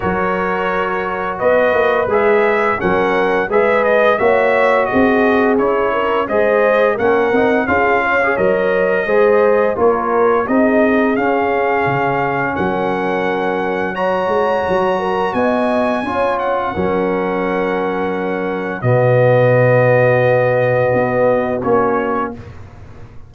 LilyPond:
<<
  \new Staff \with { instrumentName = "trumpet" } { \time 4/4 \tempo 4 = 86 cis''2 dis''4 e''4 | fis''4 e''8 dis''8 e''4 dis''4 | cis''4 dis''4 fis''4 f''4 | dis''2 cis''4 dis''4 |
f''2 fis''2 | ais''2 gis''4. fis''8~ | fis''2. dis''4~ | dis''2. cis''4 | }
  \new Staff \with { instrumentName = "horn" } { \time 4/4 ais'2 b'2 | ais'4 b'4 cis''4 gis'4~ | gis'8 ais'8 c''4 ais'4 gis'8 cis''8~ | cis''4 c''4 ais'4 gis'4~ |
gis'2 ais'2 | cis''4. ais'8 dis''4 cis''4 | ais'2. fis'4~ | fis'1 | }
  \new Staff \with { instrumentName = "trombone" } { \time 4/4 fis'2. gis'4 | cis'4 gis'4 fis'2 | e'4 gis'4 cis'8 dis'8 f'8. gis'16 | ais'4 gis'4 f'4 dis'4 |
cis'1 | fis'2. f'4 | cis'2. b4~ | b2. cis'4 | }
  \new Staff \with { instrumentName = "tuba" } { \time 4/4 fis2 b8 ais8 gis4 | fis4 gis4 ais4 c'4 | cis'4 gis4 ais8 c'8 cis'4 | fis4 gis4 ais4 c'4 |
cis'4 cis4 fis2~ | fis8 gis8 fis4 b4 cis'4 | fis2. b,4~ | b,2 b4 ais4 | }
>>